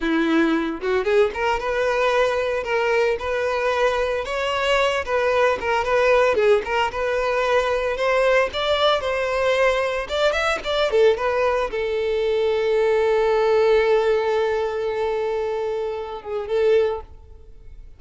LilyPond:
\new Staff \with { instrumentName = "violin" } { \time 4/4 \tempo 4 = 113 e'4. fis'8 gis'8 ais'8 b'4~ | b'4 ais'4 b'2 | cis''4. b'4 ais'8 b'4 | gis'8 ais'8 b'2 c''4 |
d''4 c''2 d''8 e''8 | d''8 a'8 b'4 a'2~ | a'1~ | a'2~ a'8 gis'8 a'4 | }